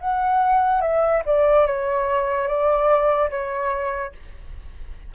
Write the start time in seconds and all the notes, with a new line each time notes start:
0.00 F#5
0.82 E5
1.26 D5
1.67 C#5
2.48 D5
3.31 C#5